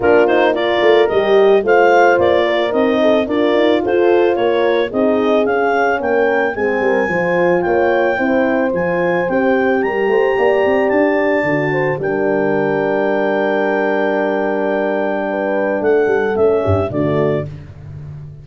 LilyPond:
<<
  \new Staff \with { instrumentName = "clarinet" } { \time 4/4 \tempo 4 = 110 ais'8 c''8 d''4 dis''4 f''4 | d''4 dis''4 d''4 c''4 | cis''4 dis''4 f''4 g''4 | gis''2 g''2 |
gis''4 g''4 ais''2 | a''2 g''2~ | g''1~ | g''4 fis''4 e''4 d''4 | }
  \new Staff \with { instrumentName = "horn" } { \time 4/4 f'4 ais'2 c''4~ | c''8 ais'4 a'8 ais'4 a'4 | ais'4 gis'2 ais'4 | gis'8 ais'8 c''4 cis''4 c''4~ |
c''2 ais'8 c''8 d''4~ | d''4. c''8 ais'2~ | ais'1 | b'4 a'4. g'8 fis'4 | }
  \new Staff \with { instrumentName = "horn" } { \time 4/4 d'8 dis'8 f'4 g'4 f'4~ | f'4 dis'4 f'2~ | f'4 dis'4 cis'2 | c'4 f'2 e'4 |
f'4 g'2.~ | g'4 fis'4 d'2~ | d'1~ | d'2 cis'4 a4 | }
  \new Staff \with { instrumentName = "tuba" } { \time 4/4 ais4. a8 g4 a4 | ais4 c'4 d'8 dis'8 f'4 | ais4 c'4 cis'4 ais4 | gis8 g8 f4 ais4 c'4 |
f4 c'4 g8 a8 ais8 c'8 | d'4 d4 g2~ | g1~ | g4 a8 g8 a8 g,8 d4 | }
>>